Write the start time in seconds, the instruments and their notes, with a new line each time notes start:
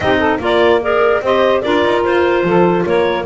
0.00 double bass C4, clarinet D#4 D#5, saxophone G4
0.19 saxophone A4
0.38 double bass A#3, clarinet F4 D5, saxophone A#4
0.81 clarinet G#4 A#4, saxophone D5
1.21 double bass C4, clarinet G4 D#5, saxophone C5
1.61 double bass D4, clarinet F4 D5, saxophone A#4
1.84 double bass D#4
2.04 double bass F4, clarinet C5
2.43 double bass F3, saxophone A4
2.86 double bass A#3, saxophone A#4, clarinet C#5